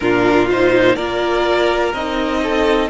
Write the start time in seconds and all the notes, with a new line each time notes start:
0.00 A#2 D4 F4 A#4
0.50 D#4 C5
0.95 A#3 F4 A#4 D5
1.93 C4 D#4 D#5
2.43 A4